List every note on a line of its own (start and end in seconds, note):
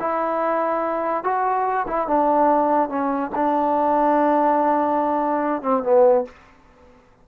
0.00 1.24 E4
1.24 1.86 F#4
1.87 2.08 E4
2.08 2.89 D4
2.89 3.31 C#4
3.35 5.62 D4
5.62 5.83 C4
5.83 6.25 B3